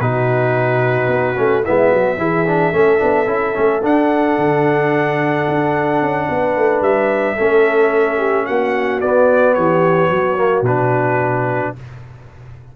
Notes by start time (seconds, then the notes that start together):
0.00 B2 D#4 F#4 B4
1.08 B3
1.36 A3 C#4
1.64 G#3 B3 E4 E5
1.90 F#3 F#4
2.18 E3 E4 G#4
2.46 D4
2.73 A3 C#4 A4
2.99 B3 D4
3.27 C#4 E4
3.54 A3 C#4
3.83 D4 F#5
4.38 D3
5.49 D4
6.02 C#4
6.30 B3 B4
6.57 A3
6.82 G3 E5
7.36 A3 C#4 A4
8.18 G4
8.46 A#3 F#4 F#5
9.01 B3 D5
9.55 E3 G4 C#5
10.10 F#3 F#4
10.37 A#3
10.62 B2 D4 B4